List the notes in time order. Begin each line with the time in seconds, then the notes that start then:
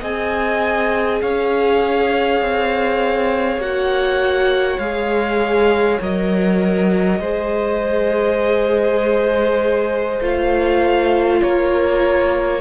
0.00 C4 G#4 D#5 G#5
1.21 C#4 C#5 F5
2.41 C4
3.57 A#3 F#4 F#5
4.79 G#3 G#4 F5
6.00 F#3 A#4 D#5
7.20 G#3 G#4 C5
10.21 A3 F4 F5
11.42 A#3 A#4 C#5